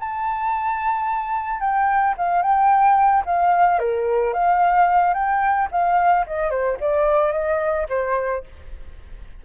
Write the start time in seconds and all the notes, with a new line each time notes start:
0.00 A5
1.60 G5
2.18 F5
2.42 G5
3.26 F5
3.79 A#4
4.34 F5
5.14 G5
5.72 F5
6.27 D#5
6.51 C5
6.81 D5
7.33 D#5
7.89 C5